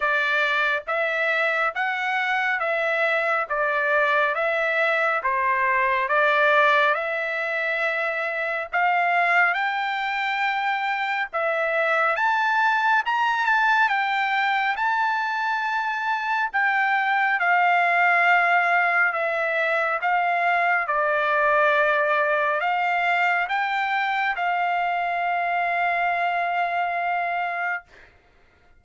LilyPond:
\new Staff \with { instrumentName = "trumpet" } { \time 4/4 \tempo 4 = 69 d''4 e''4 fis''4 e''4 | d''4 e''4 c''4 d''4 | e''2 f''4 g''4~ | g''4 e''4 a''4 ais''8 a''8 |
g''4 a''2 g''4 | f''2 e''4 f''4 | d''2 f''4 g''4 | f''1 | }